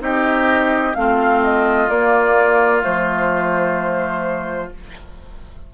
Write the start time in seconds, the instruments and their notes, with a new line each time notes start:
0.00 bassoon C4, clarinet D#4, oboe G4, flute D#5
0.95 bassoon A3, clarinet C4, oboe F4, flute F5
1.43 flute D#5
1.89 clarinet A#3, bassoon A#3, flute D5
2.82 bassoon F3, clarinet A3, flute C5